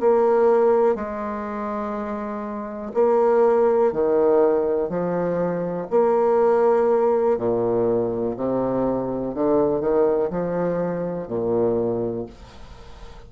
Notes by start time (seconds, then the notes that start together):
0.00 A#3
0.95 G#3
2.94 A#3
3.93 D#3
4.89 F3
5.91 A#3
7.38 A#2
8.37 C3
9.35 D3
9.80 D#3
10.31 F3
11.28 A#2